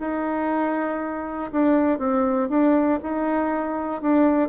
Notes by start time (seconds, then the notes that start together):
0.00 D#4
1.52 D4
1.98 C4
2.49 D4
3.03 D#4
4.02 D4